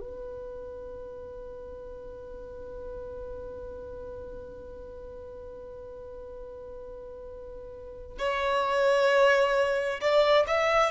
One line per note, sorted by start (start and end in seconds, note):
0.00 8.18 B4
8.19 10.00 C#5
10.01 10.46 D5
10.47 10.91 E5